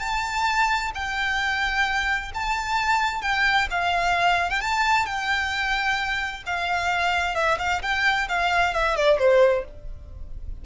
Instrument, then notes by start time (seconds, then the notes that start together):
violin
0.00 A5
0.95 G5
2.34 A5
3.22 G5
3.71 F5
4.50 G5
4.61 A5
5.06 G5
6.46 F5
7.35 E5
7.59 F5
7.82 G5
8.29 F5
8.74 E5
8.97 D5
9.19 C5